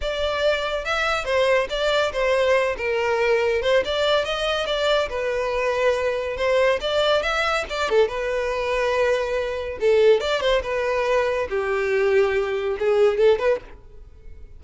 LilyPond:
\new Staff \with { instrumentName = "violin" } { \time 4/4 \tempo 4 = 141 d''2 e''4 c''4 | d''4 c''4. ais'4.~ | ais'8 c''8 d''4 dis''4 d''4 | b'2. c''4 |
d''4 e''4 d''8 a'8 b'4~ | b'2. a'4 | d''8 c''8 b'2 g'4~ | g'2 gis'4 a'8 b'8 | }